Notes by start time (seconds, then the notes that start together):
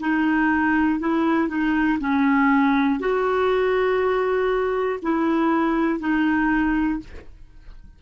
0.00 D#4
1.00 E4
1.49 D#4
2.00 C#4
3.00 F#4
5.03 E4
6.00 D#4